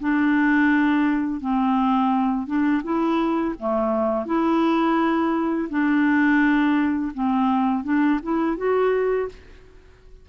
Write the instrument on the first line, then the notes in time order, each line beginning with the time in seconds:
clarinet
0.00 D4
1.41 C4
2.47 D4
2.83 E4
3.59 A3
4.26 E4
5.69 D4
7.14 C4
7.84 D4
8.23 E4
8.57 F#4